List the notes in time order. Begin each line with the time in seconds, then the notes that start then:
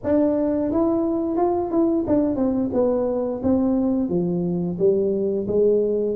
0.03 D4
0.71 E4
1.36 F4
1.70 E4
2.07 D4
2.36 C4
2.73 B3
3.43 C4
4.09 F3
4.79 G3
5.47 G#3